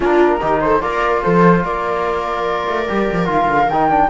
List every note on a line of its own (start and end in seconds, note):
0.00 0.41 A#3
0.00 0.40 D4
0.00 0.39 F4
0.00 0.60 A#4
0.40 0.81 D#3
0.40 0.81 D#4
0.40 0.61 G4
0.60 0.82 A4
0.60 0.81 C5
0.81 1.23 A#3
0.81 2.86 F4
0.81 1.22 A#4
0.81 1.22 D5
1.22 1.64 F3
1.22 1.63 A4
1.22 1.64 C5
1.64 2.67 A#3
1.64 4.09 A#4
1.64 3.28 D5
2.67 2.88 A3
2.88 3.11 G3
2.88 3.25 G4
3.12 3.26 F3
3.25 3.47 D#3
3.25 3.66 F4
3.25 3.69 F5
3.47 3.68 D3
3.68 4.09 D#3
3.68 3.90 D#4
3.68 4.09 G5
3.90 4.09 D4